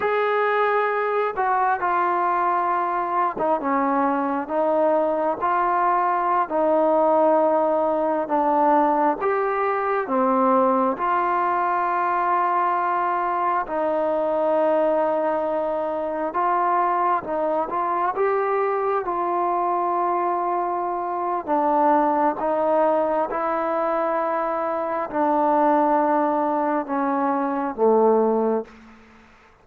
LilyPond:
\new Staff \with { instrumentName = "trombone" } { \time 4/4 \tempo 4 = 67 gis'4. fis'8 f'4.~ f'16 dis'16 | cis'4 dis'4 f'4~ f'16 dis'8.~ | dis'4~ dis'16 d'4 g'4 c'8.~ | c'16 f'2. dis'8.~ |
dis'2~ dis'16 f'4 dis'8 f'16~ | f'16 g'4 f'2~ f'8. | d'4 dis'4 e'2 | d'2 cis'4 a4 | }